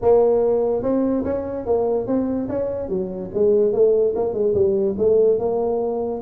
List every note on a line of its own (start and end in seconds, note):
0.01 0.82 A#3
0.82 1.24 C4
1.24 1.66 C#4
1.66 2.06 A#3
2.06 2.48 C4
2.48 2.89 C#4
2.89 3.30 F#3
3.34 3.72 G#3
3.72 4.14 A3
4.15 4.33 A#3
4.33 4.54 G#3
4.54 4.95 G3
4.98 5.38 A3
5.38 6.21 A#3